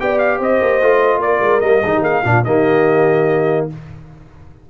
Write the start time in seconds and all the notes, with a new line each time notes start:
0.00 B3 G4 D5 G5
0.19 F5
0.38 C4 C5 D#5
0.61 A#3
0.82 A3 F4
1.18 A#3 D5
1.24 A#4
1.41 G#3
1.61 G3 A#3 D#5
1.84 D#3 D#4 G#4
1.94 G4
2.01 A#3 G#4 F5
2.24 A#2 D4 F4
2.45 D#3 A#3 G4 D#5